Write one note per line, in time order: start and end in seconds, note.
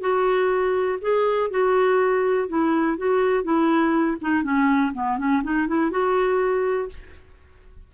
0.00 0.98 F#4
1.01 1.50 G#4
1.50 2.48 F#4
2.48 2.97 E4
2.97 3.43 F#4
3.43 4.17 E4
4.21 4.43 D#4
4.43 4.92 C#4
4.93 5.18 B3
5.18 5.42 C#4
5.43 5.67 D#4
5.67 5.90 E4
5.90 6.89 F#4